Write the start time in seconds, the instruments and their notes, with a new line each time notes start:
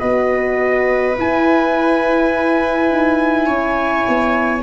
0.00 tuba B3, horn F#4, viola B4, trumpet D#5
1.16 horn E4, tuba E4, trumpet G#5
2.89 tuba D#4
3.46 tuba C#4, viola C#5
4.08 tuba B3